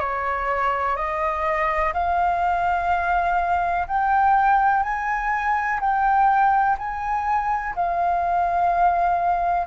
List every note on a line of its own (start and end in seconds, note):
0.00 0.97 C#5
0.97 1.94 D#5
1.94 3.88 F5
3.88 4.83 G5
4.83 5.80 G#5
5.81 6.77 G5
6.79 7.76 G#5
7.76 9.67 F5